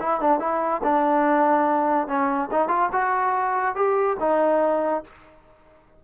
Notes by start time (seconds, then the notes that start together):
0.00 E4
0.21 D4
0.39 E4
0.83 D4
2.07 C#4
2.51 D#4
2.68 F4
2.92 F#4
3.75 G4
4.20 D#4